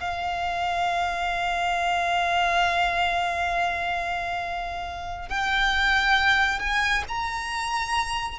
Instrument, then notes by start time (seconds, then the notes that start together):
violin
0.00 F5
5.29 G5
6.59 G#5
7.08 A#5